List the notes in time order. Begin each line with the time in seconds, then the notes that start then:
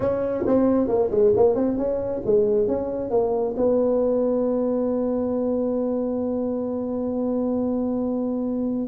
0.00 C#4
0.46 C4
0.88 A#3
1.10 G#3
1.36 A#3
1.55 C4
1.77 C#4
2.25 G#3
2.67 C#4
3.10 A#3
3.56 B3